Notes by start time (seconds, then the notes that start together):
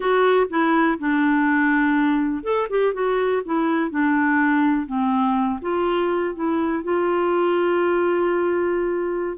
0.00 F#4
0.49 E4
0.98 D4
2.43 A4
2.69 G4
2.93 F#4
3.45 E4
3.90 D4
4.86 C4
5.61 F4
6.34 E4
6.83 F4